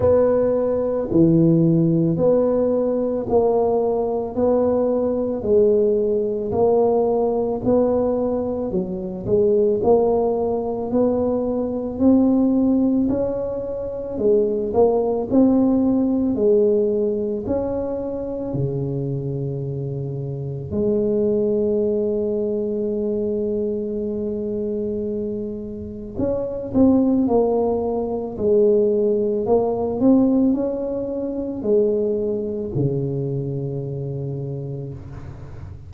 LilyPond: \new Staff \with { instrumentName = "tuba" } { \time 4/4 \tempo 4 = 55 b4 e4 b4 ais4 | b4 gis4 ais4 b4 | fis8 gis8 ais4 b4 c'4 | cis'4 gis8 ais8 c'4 gis4 |
cis'4 cis2 gis4~ | gis1 | cis'8 c'8 ais4 gis4 ais8 c'8 | cis'4 gis4 cis2 | }